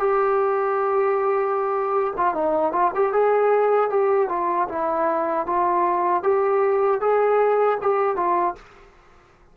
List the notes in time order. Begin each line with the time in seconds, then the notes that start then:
0.00 G4
2.17 F4
2.34 D#4
2.72 F4
2.95 G4
3.13 G#4
3.90 G4
4.29 F4
4.69 E4
5.47 F4
6.23 G4
7.01 G#4
7.82 G4
8.16 F4